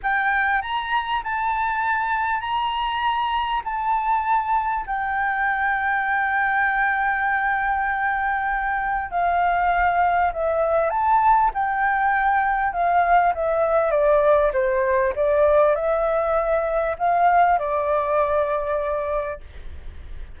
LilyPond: \new Staff \with { instrumentName = "flute" } { \time 4/4 \tempo 4 = 99 g''4 ais''4 a''2 | ais''2 a''2 | g''1~ | g''2. f''4~ |
f''4 e''4 a''4 g''4~ | g''4 f''4 e''4 d''4 | c''4 d''4 e''2 | f''4 d''2. | }